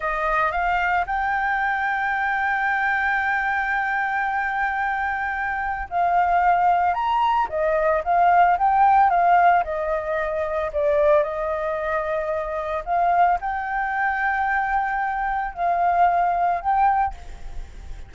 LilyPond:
\new Staff \with { instrumentName = "flute" } { \time 4/4 \tempo 4 = 112 dis''4 f''4 g''2~ | g''1~ | g''2. f''4~ | f''4 ais''4 dis''4 f''4 |
g''4 f''4 dis''2 | d''4 dis''2. | f''4 g''2.~ | g''4 f''2 g''4 | }